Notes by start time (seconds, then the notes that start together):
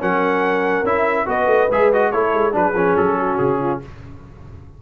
0.00 F#3 C#4 A#4 F#5
0.83 C#4 E4 E5
1.26 B3 F#4 B4 D#5
1.46 A3
1.71 G#3 G#4 E5
1.93 F#4 D#5
2.11 A3 E4 A4 C#5
2.33 G#3
2.52 F#3 D4 G#4 B4
2.74 F3 C#4
2.96 F#3 A4
3.18 F#4
3.38 C#3 G#4
3.60 F4